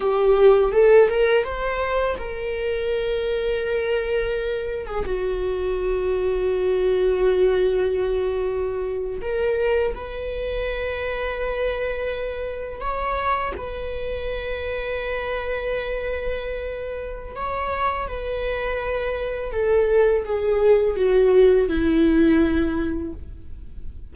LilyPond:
\new Staff \with { instrumentName = "viola" } { \time 4/4 \tempo 4 = 83 g'4 a'8 ais'8 c''4 ais'4~ | ais'2~ ais'8. gis'16 fis'4~ | fis'1~ | fis'8. ais'4 b'2~ b'16~ |
b'4.~ b'16 cis''4 b'4~ b'16~ | b'1 | cis''4 b'2 a'4 | gis'4 fis'4 e'2 | }